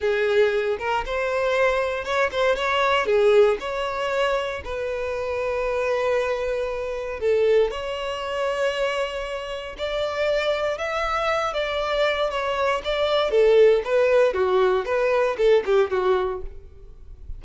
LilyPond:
\new Staff \with { instrumentName = "violin" } { \time 4/4 \tempo 4 = 117 gis'4. ais'8 c''2 | cis''8 c''8 cis''4 gis'4 cis''4~ | cis''4 b'2.~ | b'2 a'4 cis''4~ |
cis''2. d''4~ | d''4 e''4. d''4. | cis''4 d''4 a'4 b'4 | fis'4 b'4 a'8 g'8 fis'4 | }